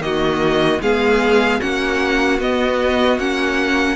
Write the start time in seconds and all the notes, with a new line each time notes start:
0.00 D#3 A#3 F#4 D#5
0.82 G#3 B3 G#4 F5
1.60 A#3 C#4 F#4 F#5
2.39 B3 D#5
3.18 A#3 C#4 F#5